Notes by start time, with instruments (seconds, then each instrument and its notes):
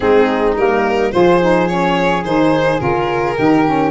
0.00 tuba G#3, saxophone C4, flute D#4, violin G#4
0.57 tuba G3, saxophone A#3, violin A#4
1.11 tuba F3, saxophone F4, flute G#4, violin C5
1.40 saxophone D#4
1.67 saxophone C#4, violin C#5
2.24 tuba D#3, saxophone D#4, violin C5
2.78 tuba C#3, saxophone F4, violin A#4
3.37 tuba D#3, saxophone D#4, flute G4
3.65 saxophone C#4